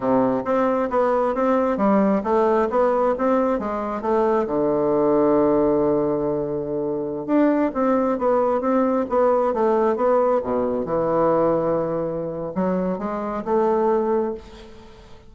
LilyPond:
\new Staff \with { instrumentName = "bassoon" } { \time 4/4 \tempo 4 = 134 c4 c'4 b4 c'4 | g4 a4 b4 c'4 | gis4 a4 d2~ | d1~ |
d16 d'4 c'4 b4 c'8.~ | c'16 b4 a4 b4 b,8.~ | b,16 e2.~ e8. | fis4 gis4 a2 | }